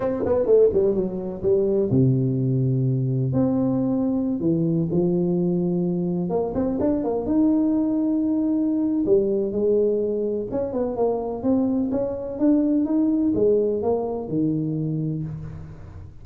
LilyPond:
\new Staff \with { instrumentName = "tuba" } { \time 4/4 \tempo 4 = 126 c'8 b8 a8 g8 fis4 g4 | c2. c'4~ | c'4~ c'16 e4 f4.~ f16~ | f4~ f16 ais8 c'8 d'8 ais8 dis'8.~ |
dis'2. g4 | gis2 cis'8 b8 ais4 | c'4 cis'4 d'4 dis'4 | gis4 ais4 dis2 | }